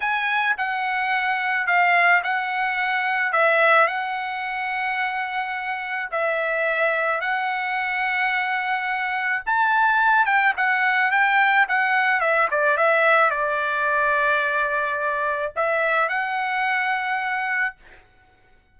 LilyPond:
\new Staff \with { instrumentName = "trumpet" } { \time 4/4 \tempo 4 = 108 gis''4 fis''2 f''4 | fis''2 e''4 fis''4~ | fis''2. e''4~ | e''4 fis''2.~ |
fis''4 a''4. g''8 fis''4 | g''4 fis''4 e''8 d''8 e''4 | d''1 | e''4 fis''2. | }